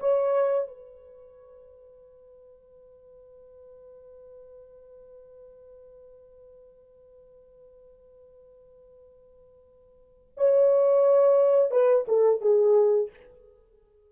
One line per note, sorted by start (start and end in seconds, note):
0.00 0.68 C#5
0.68 10.33 B4
10.37 11.71 C#5
11.71 12.06 B4
12.08 12.41 A4
12.41 13.10 G#4